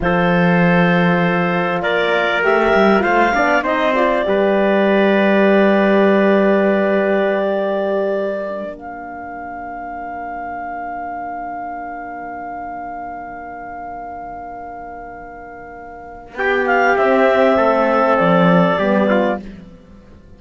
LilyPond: <<
  \new Staff \with { instrumentName = "clarinet" } { \time 4/4 \tempo 4 = 99 c''2. d''4 | e''4 f''4 dis''8 d''4.~ | d''1~ | d''2~ d''8 f''4.~ |
f''1~ | f''1~ | f''2. g''8 f''8 | e''2 d''2 | }
  \new Staff \with { instrumentName = "trumpet" } { \time 4/4 a'2. ais'4~ | ais'4 c''8 d''8 c''4 b'4~ | b'1~ | b'16 ais'2.~ ais'8.~ |
ais'1~ | ais'1~ | ais'2. g'4~ | g'4 a'2 g'8 f'8 | }
  \new Staff \with { instrumentName = "horn" } { \time 4/4 f'1 | g'4 f'8 d'8 dis'8 f'8 g'4~ | g'1~ | g'2 d'2~ |
d'1~ | d'1~ | d'1 | c'2. b4 | }
  \new Staff \with { instrumentName = "cello" } { \time 4/4 f2. ais4 | a8 g8 a8 b8 c'4 g4~ | g1~ | g2~ g16 ais4.~ ais16~ |
ais1~ | ais1~ | ais2. b4 | c'4 a4 f4 g4 | }
>>